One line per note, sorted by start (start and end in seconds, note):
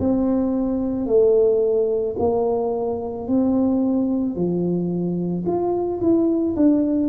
0.00 1.07 C4
1.07 2.16 A3
2.19 3.28 A#3
3.28 4.36 C4
4.36 5.45 F3
5.46 6.00 F4
6.01 6.56 E4
6.56 7.10 D4